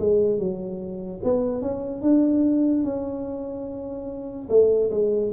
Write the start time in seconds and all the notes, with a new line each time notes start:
0.00 G#3
0.39 F#3
1.24 B3
1.62 C#4
2.02 D4
2.84 C#4
4.49 A3
4.91 G#3